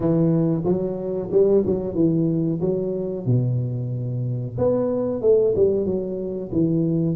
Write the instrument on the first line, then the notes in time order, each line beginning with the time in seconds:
tuba
0.00 E3
0.64 F#3
1.31 G3
1.65 F#3
1.94 E3
2.60 F#3
3.26 B2
4.58 B3
5.21 A3
5.55 G3
5.85 F#3
6.52 E3